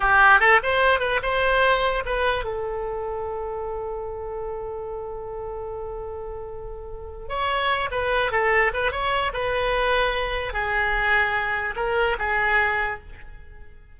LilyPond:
\new Staff \with { instrumentName = "oboe" } { \time 4/4 \tempo 4 = 148 g'4 a'8 c''4 b'8 c''4~ | c''4 b'4 a'2~ | a'1~ | a'1~ |
a'2 cis''4. b'8~ | b'8 a'4 b'8 cis''4 b'4~ | b'2 gis'2~ | gis'4 ais'4 gis'2 | }